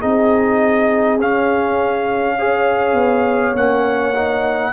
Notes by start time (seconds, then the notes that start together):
0.00 C4 D#4 G#4 D#5
1.19 C#4 F5
2.38 G#4 C#5
2.94 B3
3.54 A#3 C#4 F#5
4.15 D#4